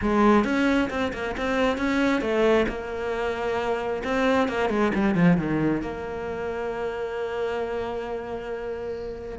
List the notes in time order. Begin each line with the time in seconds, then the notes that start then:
0.01 G#3
0.44 C#4
0.90 C4
1.13 A#3
1.37 C4
1.77 C#4
2.21 A3
2.68 A#3
4.04 C4
4.48 A#3
4.69 G#3
4.94 G3
5.15 F3
5.37 D#3
5.81 A#3